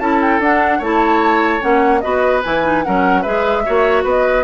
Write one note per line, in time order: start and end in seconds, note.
0.00 0.39 C#4
0.00 0.42 E4
0.00 0.79 A4
0.00 0.20 A5
0.22 0.42 G5
0.39 0.80 D4
0.39 0.83 D4
0.39 0.83 F#5
0.79 1.61 A3
0.79 1.61 E4
0.79 2.00 C#5
0.79 1.63 A5
1.61 2.04 A#3
1.61 2.01 C#4
1.61 2.01 F#5
2.01 2.45 B3
2.01 2.43 F#4
2.01 2.85 B4
2.01 2.41 D#5
2.44 2.86 E3
2.44 2.64 E4
2.44 2.84 G#5
2.64 2.84 D#4
2.84 3.26 F#3
2.84 3.25 C#4
2.84 3.22 A#4
2.84 3.23 F#5
3.22 3.67 G#3
3.22 3.66 G#4
3.22 3.63 B4
3.22 4.04 E5
3.66 4.04 A#3
3.66 4.44 F#4
3.66 4.04 C#5
4.04 4.44 B3
4.04 4.44 B4
4.04 4.44 D#5